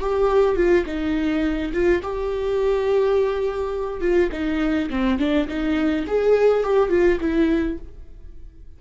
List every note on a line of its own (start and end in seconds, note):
0.00 0.56 G4
0.56 0.85 F4
0.86 1.72 D#4
1.73 2.02 F4
2.02 4.01 G4
4.01 4.30 F4
4.32 4.89 D#4
4.90 5.18 C4
5.19 5.48 D4
5.48 6.06 D#4
6.07 6.63 G#4
6.63 6.89 G4
6.89 7.18 F4
7.20 7.78 E4